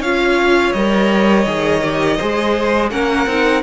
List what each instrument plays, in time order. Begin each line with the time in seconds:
0.00 cello C#4, viola F4, violin C#5 F5
0.72 cello G3, viola A#4, violin D#5
1.46 cello D#3, viola G#4
1.83 viola G4
2.17 cello G#3, viola G#4, violin C5
2.90 cello A#3, viola C#4, violin A#4 F#5
3.26 cello C4, viola D#4